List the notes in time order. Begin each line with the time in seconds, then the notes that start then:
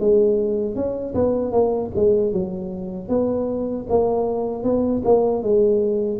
0.00 G#3
0.76 C#4
1.15 B3
1.52 A#3
1.96 G#3
2.33 F#3
3.09 B3
3.90 A#3
4.64 B3
5.05 A#3
5.43 G#3